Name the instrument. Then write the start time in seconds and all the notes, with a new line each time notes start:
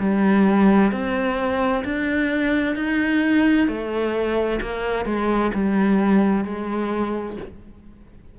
cello
0.00 G3
0.92 C4
1.85 D4
2.76 D#4
3.68 A3
4.62 A#3
5.06 G#3
5.55 G3
6.45 G#3